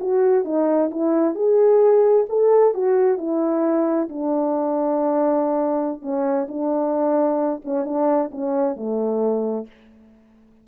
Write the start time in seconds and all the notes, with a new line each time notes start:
0.00 F#4
0.44 D#4
0.91 E4
1.35 G#4
2.29 A4
2.74 F#4
3.17 E4
4.09 D4
6.01 C#4
6.48 D4
7.64 C#4
7.84 D4
8.31 C#4
8.76 A3